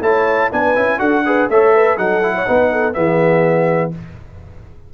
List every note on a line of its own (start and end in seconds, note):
0.00 0.49 A3
0.00 0.51 E4
0.00 0.52 C#5
0.00 0.51 A5
0.51 0.76 B3
0.51 0.75 D4
0.51 0.98 B4
0.51 0.99 G#5
0.75 1.00 C#4
0.75 0.98 E4
0.98 1.49 D4
0.98 1.23 F#4
0.98 1.23 A4
0.98 1.48 F#5
1.25 1.50 G#4
1.25 1.50 B4
1.49 1.97 A3
1.49 1.97 A4
1.49 1.74 C#5
1.49 1.97 E5
1.74 1.98 B4
1.97 2.46 F#3
1.97 2.22 D#4
1.97 2.35 A4
1.97 2.93 F#5
2.22 2.46 E4
2.35 2.47 C#5
2.46 2.96 B3
2.46 2.94 D#4
2.46 2.72 B4
2.72 2.95 A4
2.93 3.93 E3
2.93 3.91 B3
2.93 3.92 G#4
2.93 3.91 E5